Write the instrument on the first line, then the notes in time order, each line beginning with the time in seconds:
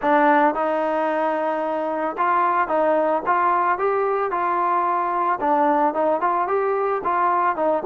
trombone
0.01 D4
0.54 D#4
2.17 F4
2.68 D#4
3.26 F4
3.78 G4
4.31 F4
5.40 D4
5.94 D#4
6.20 F4
6.47 G4
7.04 F4
7.56 D#4